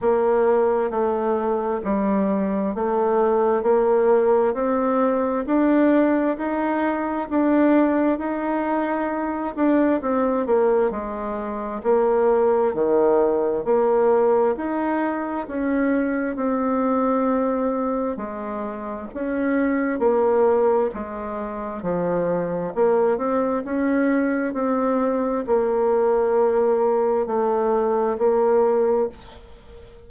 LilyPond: \new Staff \with { instrumentName = "bassoon" } { \time 4/4 \tempo 4 = 66 ais4 a4 g4 a4 | ais4 c'4 d'4 dis'4 | d'4 dis'4. d'8 c'8 ais8 | gis4 ais4 dis4 ais4 |
dis'4 cis'4 c'2 | gis4 cis'4 ais4 gis4 | f4 ais8 c'8 cis'4 c'4 | ais2 a4 ais4 | }